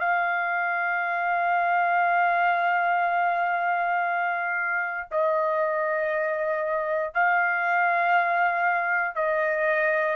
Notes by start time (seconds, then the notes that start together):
0.00 F5
5.11 D#5
7.14 F5
9.15 D#5